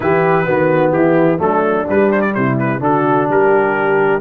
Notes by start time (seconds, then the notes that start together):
0.00 E3 E4 G4 B4
0.45 D#3 B3 F#4
0.92 E3 E4 G4
1.38 F#3 A3 D4 A4
1.88 G3 B4
2.11 C5
2.21 D5
2.34 C3 E4 C5
2.58 B4
2.80 D3 D4 F#4 A4
3.29 G3 G4 A#4